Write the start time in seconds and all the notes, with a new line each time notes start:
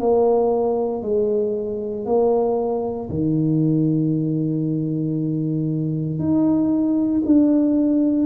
0.00 A#3
1.03 G#3
2.06 A#3
3.10 D#3
6.19 D#4
7.26 D4